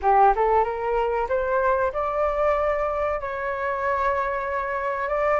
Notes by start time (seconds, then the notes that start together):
0.02 G4
0.35 A4
0.64 A#4
1.28 C5
1.92 D5
3.20 C#5
5.08 D5